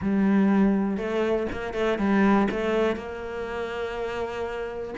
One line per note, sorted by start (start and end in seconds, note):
0.01 0.97 G3
0.97 1.46 A3
1.52 1.73 A#3
1.73 1.98 A3
1.98 2.48 G3
2.50 2.95 A3
2.95 4.94 A#3